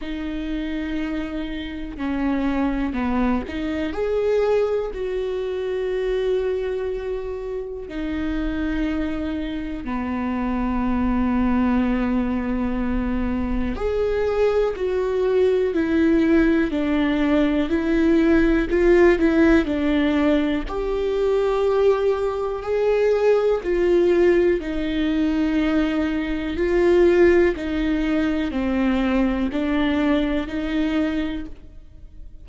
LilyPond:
\new Staff \with { instrumentName = "viola" } { \time 4/4 \tempo 4 = 61 dis'2 cis'4 b8 dis'8 | gis'4 fis'2. | dis'2 b2~ | b2 gis'4 fis'4 |
e'4 d'4 e'4 f'8 e'8 | d'4 g'2 gis'4 | f'4 dis'2 f'4 | dis'4 c'4 d'4 dis'4 | }